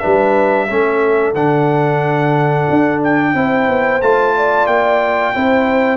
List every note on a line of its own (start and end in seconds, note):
0.00 0.70 G3
0.00 0.68 D4
0.00 0.67 B4
0.00 1.33 E5
0.68 1.35 A3
0.68 1.35 C#4
0.68 3.34 A4
1.35 2.68 D3
1.35 3.35 D4
1.35 3.02 F#5
2.70 3.35 D4
3.04 4.02 G5
3.35 3.68 C4
3.35 4.02 E4
3.35 4.37 C5
3.68 4.02 B3
4.02 4.68 A3
4.02 5.35 F4
4.02 4.67 A5
4.37 5.35 D5
4.67 5.34 A#3
4.67 5.98 G5
5.35 5.98 C4
5.35 5.98 E4
5.35 5.98 C5